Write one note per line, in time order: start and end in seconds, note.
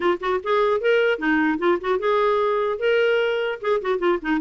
0.00 0.17 F4
0.20 0.40 F#4
0.43 0.81 G#4
0.81 1.19 A#4
1.19 1.58 D#4
1.58 1.78 F4
1.81 1.99 F#4
1.99 2.79 G#4
2.79 3.59 A#4
3.61 3.81 G#4
3.81 3.99 F#4
3.99 4.19 F4
4.21 4.41 D#4